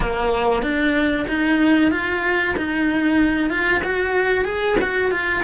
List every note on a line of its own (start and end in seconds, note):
0.00 0.62 A#3
0.62 1.26 D4
1.28 1.91 D#4
1.91 2.55 F4
2.56 3.50 D#4
3.50 3.82 F4
3.83 4.44 F#4
4.44 4.76 G#4
4.81 5.11 F#4
5.11 5.43 F4